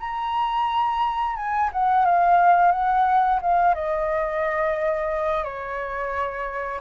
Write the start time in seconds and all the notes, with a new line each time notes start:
0.00 A#5
1.36 G#5
1.73 F#5
2.05 F5
2.72 F#5
3.42 F5
3.74 D#5
5.44 C#5